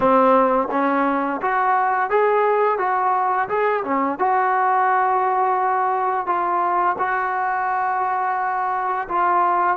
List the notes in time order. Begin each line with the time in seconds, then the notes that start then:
0.00 C4
0.71 C#4
1.41 F#4
2.09 G#4
2.78 F#4
3.48 G#4
3.83 C#4
4.19 F#4
6.26 F4
6.98 F#4
9.08 F4